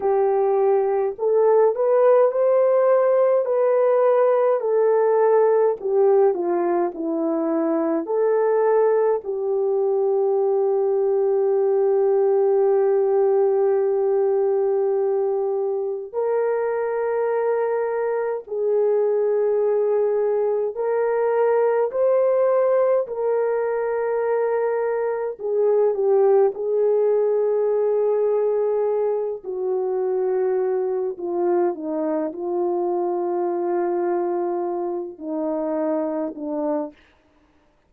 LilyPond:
\new Staff \with { instrumentName = "horn" } { \time 4/4 \tempo 4 = 52 g'4 a'8 b'8 c''4 b'4 | a'4 g'8 f'8 e'4 a'4 | g'1~ | g'2 ais'2 |
gis'2 ais'4 c''4 | ais'2 gis'8 g'8 gis'4~ | gis'4. fis'4. f'8 dis'8 | f'2~ f'8 dis'4 d'8 | }